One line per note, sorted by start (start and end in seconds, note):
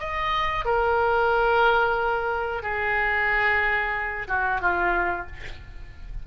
0.00 0.66 D#5
0.66 2.63 A#4
2.63 4.28 G#4
4.28 4.61 F#4
4.61 5.27 F4